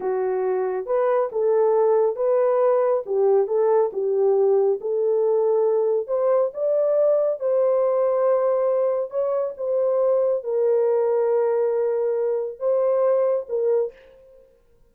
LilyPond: \new Staff \with { instrumentName = "horn" } { \time 4/4 \tempo 4 = 138 fis'2 b'4 a'4~ | a'4 b'2 g'4 | a'4 g'2 a'4~ | a'2 c''4 d''4~ |
d''4 c''2.~ | c''4 cis''4 c''2 | ais'1~ | ais'4 c''2 ais'4 | }